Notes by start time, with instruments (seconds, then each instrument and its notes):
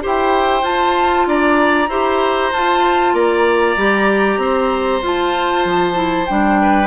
0.00 bassoon E4, clarinet G4, oboe C5, flute G5
0.62 clarinet F4, bassoon F4, flute A5
1.26 bassoon D4, oboe D5, flute A#5
1.88 bassoon E4, clarinet G4, oboe C5
2.52 bassoon F4, clarinet F4, flute A5
3.13 bassoon A#3, oboe D5, flute A#5
3.76 bassoon G3, clarinet G4
4.37 bassoon C4, oboe C5
5.02 bassoon F4, clarinet F4, flute A5
5.65 bassoon F3
5.93 clarinet E4
6.26 bassoon G3, clarinet D4, flute G5
6.61 oboe B4